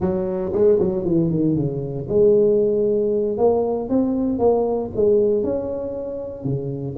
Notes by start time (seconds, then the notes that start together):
0.00 F#3
0.52 G#3
0.79 F#3
1.04 E3
1.30 D#3
1.55 C#3
2.08 G#3
3.37 A#3
3.89 C4
4.38 A#3
4.95 G#3
5.43 C#4
6.44 C#3